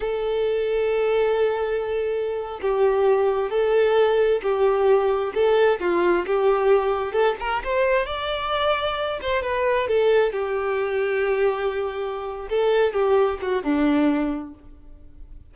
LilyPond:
\new Staff \with { instrumentName = "violin" } { \time 4/4 \tempo 4 = 132 a'1~ | a'4.~ a'16 g'2 a'16~ | a'4.~ a'16 g'2 a'16~ | a'8. f'4 g'2 a'16~ |
a'16 ais'8 c''4 d''2~ d''16~ | d''16 c''8 b'4 a'4 g'4~ g'16~ | g'2.~ g'8 a'8~ | a'8 g'4 fis'8 d'2 | }